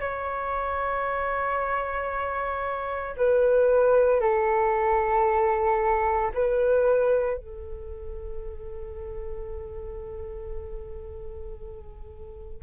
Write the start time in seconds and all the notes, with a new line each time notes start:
0.00 C#5
3.17 B4
4.21 A4
6.34 B4
7.38 A4